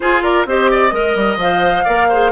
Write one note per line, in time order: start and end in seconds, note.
0.00 0.46 F4
0.00 0.45 F4
0.00 0.22 G#4
0.00 0.22 C5
0.22 0.46 A#4
0.22 0.46 D5
0.45 0.92 C4
0.45 0.91 G4
0.45 0.70 C5
0.45 1.39 D#5
0.70 0.93 D5
0.91 1.15 G#3
0.91 1.37 A#4
0.91 1.84 D#5
1.15 1.37 G3
1.37 1.83 F3
1.37 1.86 C5
1.37 2.31 F5
1.84 2.31 A#3
1.84 2.09 A#4
1.84 2.07 D5
2.08 2.31 G#4
2.08 2.31 C5